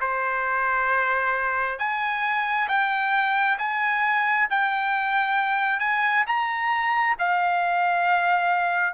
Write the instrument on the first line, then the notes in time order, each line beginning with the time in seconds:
trumpet
0.00 C5
1.79 G#5
2.68 G5
3.58 G#5
4.50 G5
5.79 G#5
6.26 A#5
7.18 F5